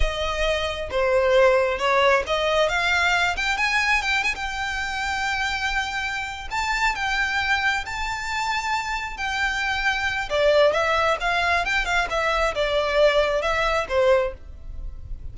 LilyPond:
\new Staff \with { instrumentName = "violin" } { \time 4/4 \tempo 4 = 134 dis''2 c''2 | cis''4 dis''4 f''4. g''8 | gis''4 g''8 gis''16 g''2~ g''16~ | g''2~ g''8 a''4 g''8~ |
g''4. a''2~ a''8~ | a''8 g''2~ g''8 d''4 | e''4 f''4 g''8 f''8 e''4 | d''2 e''4 c''4 | }